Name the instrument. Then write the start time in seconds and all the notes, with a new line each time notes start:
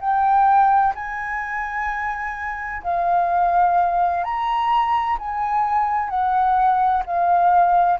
flute
0.00 G5
0.95 G#5
2.83 F5
4.24 A#5
5.19 G#5
6.09 F#5
7.06 F5